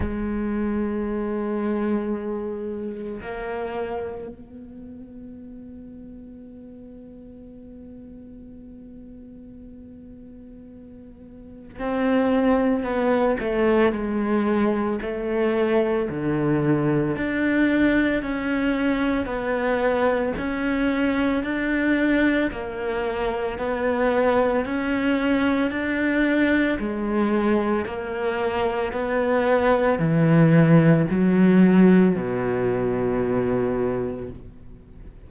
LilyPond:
\new Staff \with { instrumentName = "cello" } { \time 4/4 \tempo 4 = 56 gis2. ais4 | b1~ | b2. c'4 | b8 a8 gis4 a4 d4 |
d'4 cis'4 b4 cis'4 | d'4 ais4 b4 cis'4 | d'4 gis4 ais4 b4 | e4 fis4 b,2 | }